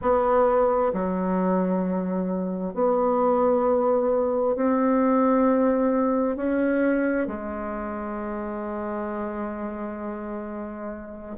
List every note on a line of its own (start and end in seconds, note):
0.01 0.92 B3
0.93 2.74 F#3
2.74 4.55 B3
4.55 6.36 C4
6.36 7.27 C#4
7.27 11.36 G#3